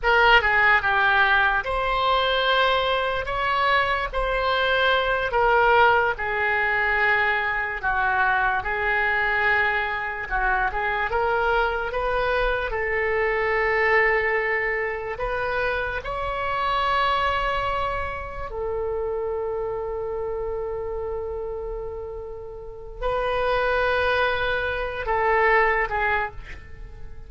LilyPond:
\new Staff \with { instrumentName = "oboe" } { \time 4/4 \tempo 4 = 73 ais'8 gis'8 g'4 c''2 | cis''4 c''4. ais'4 gis'8~ | gis'4. fis'4 gis'4.~ | gis'8 fis'8 gis'8 ais'4 b'4 a'8~ |
a'2~ a'8 b'4 cis''8~ | cis''2~ cis''8 a'4.~ | a'1 | b'2~ b'8 a'4 gis'8 | }